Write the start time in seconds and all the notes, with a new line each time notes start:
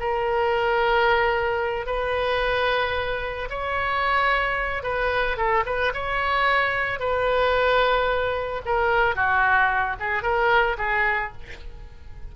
0.00 A#4
1.86 B4
3.50 C#5
4.83 B4
5.37 A4
5.66 B4
5.94 C#5
7.00 B4
8.66 A#4
9.15 F#4
10.00 G#4
10.23 A#4
10.78 G#4